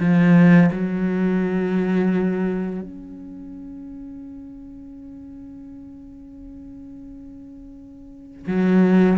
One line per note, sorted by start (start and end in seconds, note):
0.00 0.71 F3
0.72 2.82 F#3
2.82 8.47 C#4
8.48 9.18 F#3